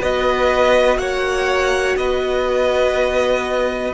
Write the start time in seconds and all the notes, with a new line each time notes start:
0.00 B3 F#4 B4 D#5
0.98 A#3 C#5 F#5
1.97 B3 B4 D#5